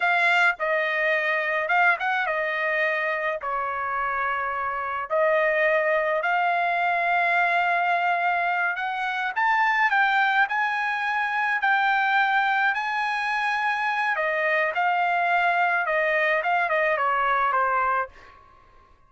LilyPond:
\new Staff \with { instrumentName = "trumpet" } { \time 4/4 \tempo 4 = 106 f''4 dis''2 f''8 fis''8 | dis''2 cis''2~ | cis''4 dis''2 f''4~ | f''2.~ f''8 fis''8~ |
fis''8 a''4 g''4 gis''4.~ | gis''8 g''2 gis''4.~ | gis''4 dis''4 f''2 | dis''4 f''8 dis''8 cis''4 c''4 | }